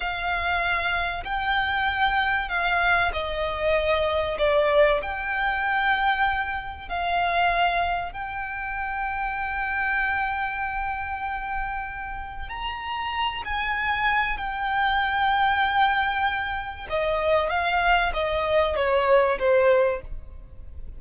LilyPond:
\new Staff \with { instrumentName = "violin" } { \time 4/4 \tempo 4 = 96 f''2 g''2 | f''4 dis''2 d''4 | g''2. f''4~ | f''4 g''2.~ |
g''1 | ais''4. gis''4. g''4~ | g''2. dis''4 | f''4 dis''4 cis''4 c''4 | }